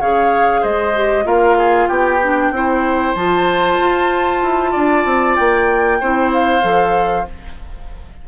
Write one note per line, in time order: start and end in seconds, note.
0.00 0.64 C#3
0.00 0.95 G#4
0.00 0.61 C#5
0.00 0.64 F5
0.61 1.25 G#3
0.61 1.24 C5
0.61 1.27 D#5
0.95 1.24 G4
1.24 1.88 A#3
1.24 2.19 F4
1.24 1.57 A#4
1.24 1.88 F5
1.58 1.89 G#4
1.88 2.51 B3
1.88 2.52 G4
1.88 3.15 G5
2.23 2.54 D4
2.51 3.14 C4
2.51 3.17 E4
2.51 4.72 C5
3.15 3.78 F3
3.15 6.01 F4
3.15 5.36 A5
3.79 4.43 F4
4.43 4.74 E4
4.72 5.05 D4
4.72 5.98 D5
5.05 5.37 C4
5.36 6.01 A#3
5.36 6.31 G5
6.00 6.63 C4
6.00 6.62 E4
6.00 7.26 C5
6.33 7.28 F5
6.62 7.27 F3
6.62 7.25 A4